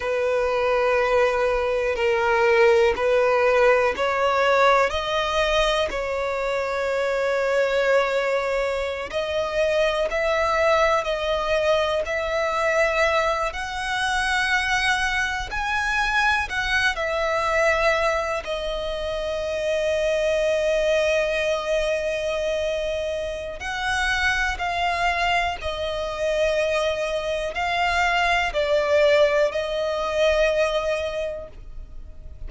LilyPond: \new Staff \with { instrumentName = "violin" } { \time 4/4 \tempo 4 = 61 b'2 ais'4 b'4 | cis''4 dis''4 cis''2~ | cis''4~ cis''16 dis''4 e''4 dis''8.~ | dis''16 e''4. fis''2 gis''16~ |
gis''8. fis''8 e''4. dis''4~ dis''16~ | dis''1 | fis''4 f''4 dis''2 | f''4 d''4 dis''2 | }